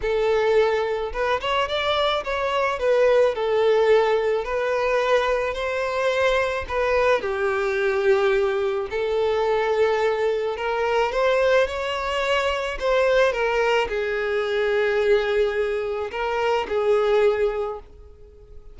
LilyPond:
\new Staff \with { instrumentName = "violin" } { \time 4/4 \tempo 4 = 108 a'2 b'8 cis''8 d''4 | cis''4 b'4 a'2 | b'2 c''2 | b'4 g'2. |
a'2. ais'4 | c''4 cis''2 c''4 | ais'4 gis'2.~ | gis'4 ais'4 gis'2 | }